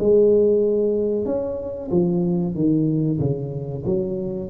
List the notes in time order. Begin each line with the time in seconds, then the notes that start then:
0.00 G#3
1.26 C#4
1.91 F3
2.55 D#3
3.20 C#3
3.86 F#3